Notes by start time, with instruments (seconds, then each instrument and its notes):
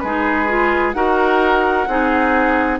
0.00 bassoon G#3, clarinet D#4, oboe G#4, flute B4
0.48 clarinet F4
0.93 bassoon D#4, clarinet F#4, oboe A#4, flute F#5
1.88 bassoon C4, clarinet D#4, oboe G#4